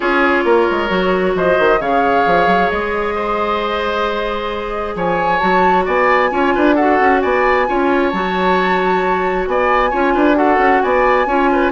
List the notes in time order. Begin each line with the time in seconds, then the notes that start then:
0.00 C#4 F4 G#4 C#5
0.44 A#3 A#4
0.70 G#3
0.88 F#3 F#4
1.35 F3 C5 D#5
1.58 D#3
1.79 C#3 G#4 C#5 F5
2.26 F3
2.46 F#3
2.70 G#3 D#5
3.14 C5
4.95 F3 C#5 G#5
5.38 F#3 F#4 A5
5.85 B3 D5 G#5
6.30 C#4 F4 C#5
6.54 D4 B4
6.75 F#4 A4 F#5
7.00 C#4
7.21 B3 D5 G#5
7.67 C#4 F4 C#5
8.09 F#3 F#4 A5
9.47 B3 D5 G#5
9.90 C#4 F4 C#5
10.14 D4 B4
10.35 F#4 A4 F#5
10.58 C#4
10.82 B3 D5 G#5
11.25 C#4 F4 C#5
11.52 B4